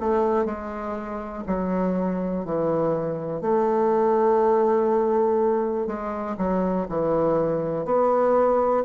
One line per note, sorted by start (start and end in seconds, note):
0.00 0.45 A3
0.45 1.44 G#3
1.47 2.45 F#3
2.45 3.41 E3
3.41 5.87 A3
5.87 6.36 G#3
6.38 6.87 F#3
6.89 7.85 E3
7.85 8.83 B3